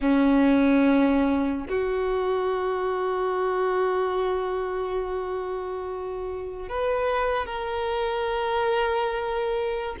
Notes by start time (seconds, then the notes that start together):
0.00 C#4
1.69 F#4
6.69 B4
7.46 A#4